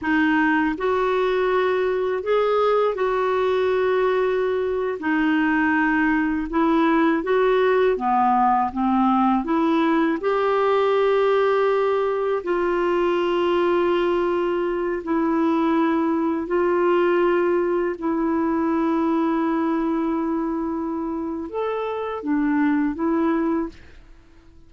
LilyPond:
\new Staff \with { instrumentName = "clarinet" } { \time 4/4 \tempo 4 = 81 dis'4 fis'2 gis'4 | fis'2~ fis'8. dis'4~ dis'16~ | dis'8. e'4 fis'4 b4 c'16~ | c'8. e'4 g'2~ g'16~ |
g'8. f'2.~ f'16~ | f'16 e'2 f'4.~ f'16~ | f'16 e'2.~ e'8.~ | e'4 a'4 d'4 e'4 | }